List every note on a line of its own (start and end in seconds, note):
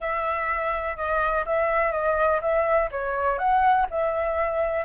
0.00 0.96 E5
0.96 1.44 D#5
1.45 1.92 E5
1.92 2.40 D#5
2.41 2.89 E5
2.91 3.38 C#5
3.38 3.86 F#5
3.90 4.85 E5